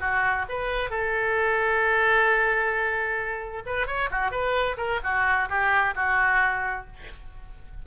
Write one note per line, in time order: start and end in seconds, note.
0.00 0.45 F#4
0.49 0.90 B4
0.90 3.63 A4
3.66 3.87 B4
3.87 4.10 C#5
4.11 4.31 F#4
4.31 4.76 B4
4.77 5.00 A#4
5.03 5.49 F#4
5.49 5.94 G4
5.95 6.86 F#4